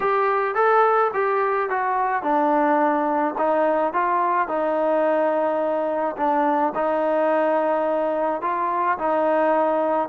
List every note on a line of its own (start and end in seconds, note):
0.00 0.55 G4
0.55 1.11 A4
1.13 1.69 G4
1.69 2.23 F#4
2.23 3.35 D4
3.38 3.93 D#4
3.93 4.47 F4
4.47 6.16 D#4
6.17 6.73 D4
6.74 8.41 D#4
8.41 8.97 F4
8.98 10.08 D#4